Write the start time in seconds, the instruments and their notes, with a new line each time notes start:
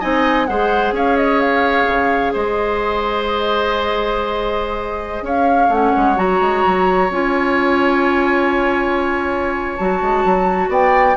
0.00 bassoon C4, clarinet D#4, oboe D#5, flute G#5
0.46 bassoon G#3, clarinet G#4, oboe C5, flute F#5
0.92 bassoon C#4, oboe C#5, flute F5
1.17 flute D#5
1.40 flute F5
1.87 bassoon C#3
2.33 bassoon G#3, oboe C5, flute D#5
5.22 bassoon C#4, oboe C#5, flute F5
5.69 bassoon A3, clarinet C#4, flute F#5
5.96 bassoon G#3
6.16 bassoon F#3, clarinet F#4, flute A#5
6.41 bassoon G#3
6.65 bassoon F#3
7.10 bassoon C#4, clarinet F4, flute G#5
9.76 bassoon F#3, clarinet F#4, flute A5
10.01 bassoon G#3
10.25 bassoon F#3
10.69 bassoon B3, oboe D5, flute G5